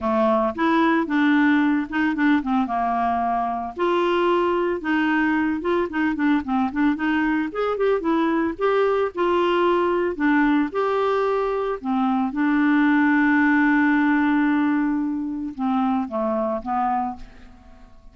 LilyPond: \new Staff \with { instrumentName = "clarinet" } { \time 4/4 \tempo 4 = 112 a4 e'4 d'4. dis'8 | d'8 c'8 ais2 f'4~ | f'4 dis'4. f'8 dis'8 d'8 | c'8 d'8 dis'4 gis'8 g'8 e'4 |
g'4 f'2 d'4 | g'2 c'4 d'4~ | d'1~ | d'4 c'4 a4 b4 | }